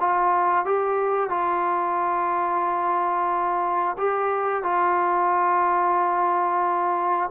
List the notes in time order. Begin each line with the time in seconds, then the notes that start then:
0.00 F4
0.65 G4
1.30 F4
3.98 G4
4.64 F4